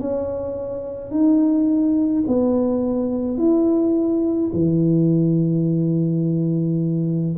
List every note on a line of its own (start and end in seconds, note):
0.00 1.11 C#4
1.11 2.24 D#4
2.27 3.38 B3
3.38 4.51 E4
4.53 7.36 E3